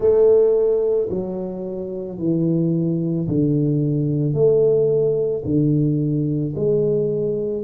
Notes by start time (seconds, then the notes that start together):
0.00 A3
1.09 F#3
2.18 E3
3.27 D3
4.33 A3
5.44 D3
6.55 G#3